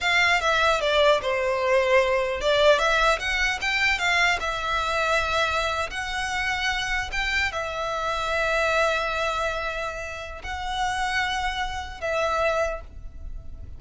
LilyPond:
\new Staff \with { instrumentName = "violin" } { \time 4/4 \tempo 4 = 150 f''4 e''4 d''4 c''4~ | c''2 d''4 e''4 | fis''4 g''4 f''4 e''4~ | e''2~ e''8. fis''4~ fis''16~ |
fis''4.~ fis''16 g''4 e''4~ e''16~ | e''1~ | e''2 fis''2~ | fis''2 e''2 | }